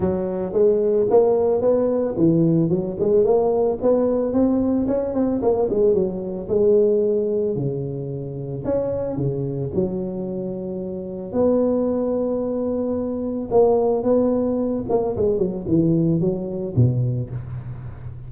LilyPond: \new Staff \with { instrumentName = "tuba" } { \time 4/4 \tempo 4 = 111 fis4 gis4 ais4 b4 | e4 fis8 gis8 ais4 b4 | c'4 cis'8 c'8 ais8 gis8 fis4 | gis2 cis2 |
cis'4 cis4 fis2~ | fis4 b2.~ | b4 ais4 b4. ais8 | gis8 fis8 e4 fis4 b,4 | }